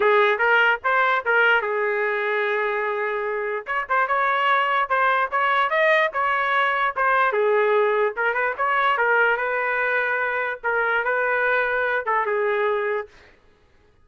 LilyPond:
\new Staff \with { instrumentName = "trumpet" } { \time 4/4 \tempo 4 = 147 gis'4 ais'4 c''4 ais'4 | gis'1~ | gis'4 cis''8 c''8 cis''2 | c''4 cis''4 dis''4 cis''4~ |
cis''4 c''4 gis'2 | ais'8 b'8 cis''4 ais'4 b'4~ | b'2 ais'4 b'4~ | b'4. a'8 gis'2 | }